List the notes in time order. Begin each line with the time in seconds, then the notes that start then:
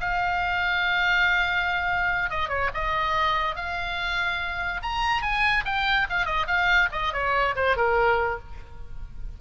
0.00 F5
2.30 D#5
2.49 C#5
2.74 D#5
3.55 F5
4.82 A#5
5.22 G#5
5.65 G5
6.09 F5
6.25 D#5
6.47 F5
6.92 D#5
7.13 C#5
7.55 C5
7.76 A#4